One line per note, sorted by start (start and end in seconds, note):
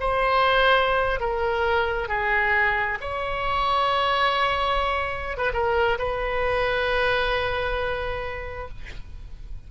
0.00 1.20 C5
1.20 2.08 A#4
2.08 2.98 G#4
3.01 5.37 C#5
5.37 5.52 B4
5.53 5.98 A#4
5.98 8.68 B4